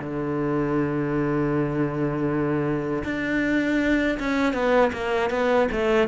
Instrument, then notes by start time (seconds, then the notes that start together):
cello
0.00 D3
3.04 D4
4.19 C#4
4.54 B3
4.93 A#3
5.30 B3
5.72 A3